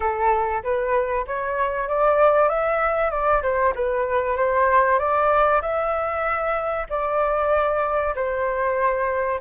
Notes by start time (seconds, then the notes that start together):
0.00 A4
0.63 B4
1.26 C#5
1.88 D5
2.48 E5
3.11 D5
3.42 C5
3.75 B4
4.36 C5
4.98 D5
5.61 E5
6.89 D5
8.15 C5